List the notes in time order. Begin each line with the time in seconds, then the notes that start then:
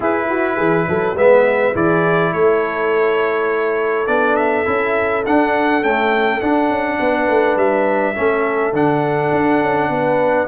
0.00 E4 G#4 B4
0.29 F#4
0.56 E3 G#4
0.88 F#3 A4
1.14 G#3 B3 B4 E5
1.73 E3 E4 G#4 D5
2.33 A3 A4 C#5
4.06 B3 D4 D5
4.35 E5
4.65 C#4 E4
5.25 D4 F#5
5.82 A3 C#4 G5
6.40 D4 F#5
6.69 C#4
6.99 B3 B4
7.28 A3
7.56 G3 E5
8.15 A3 C#4 A4
8.72 D3 D4 F#5
9.31 D4
9.60 C#4
9.89 B3 B4